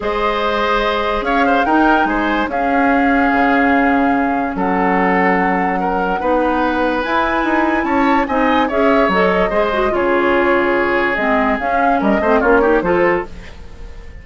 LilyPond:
<<
  \new Staff \with { instrumentName = "flute" } { \time 4/4 \tempo 4 = 145 dis''2. f''4 | g''4 gis''4 f''2~ | f''2. fis''4~ | fis''1~ |
fis''4 gis''2 a''4 | gis''4 e''4 dis''2 | cis''2. dis''4 | f''4 dis''4 cis''4 c''4 | }
  \new Staff \with { instrumentName = "oboe" } { \time 4/4 c''2. cis''8 c''8 | ais'4 c''4 gis'2~ | gis'2. a'4~ | a'2 ais'4 b'4~ |
b'2. cis''4 | dis''4 cis''2 c''4 | gis'1~ | gis'4 ais'8 c''8 f'8 g'8 a'4 | }
  \new Staff \with { instrumentName = "clarinet" } { \time 4/4 gis'1 | dis'2 cis'2~ | cis'1~ | cis'2. dis'4~ |
dis'4 e'2. | dis'4 gis'4 a'4 gis'8 fis'8 | f'2. c'4 | cis'4. c'8 cis'8 dis'8 f'4 | }
  \new Staff \with { instrumentName = "bassoon" } { \time 4/4 gis2. cis'4 | dis'4 gis4 cis'2 | cis2. fis4~ | fis2. b4~ |
b4 e'4 dis'4 cis'4 | c'4 cis'4 fis4 gis4 | cis2. gis4 | cis'4 g8 a8 ais4 f4 | }
>>